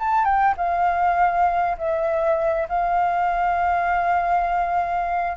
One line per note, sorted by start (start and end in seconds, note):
0.00 0.25 A5
0.25 0.55 G5
0.58 1.78 F5
1.78 2.68 E5
2.69 5.37 F5